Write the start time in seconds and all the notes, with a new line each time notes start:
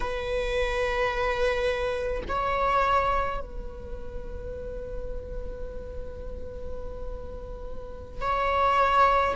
0.00 B4
2.28 C#5
3.41 B4
8.21 C#5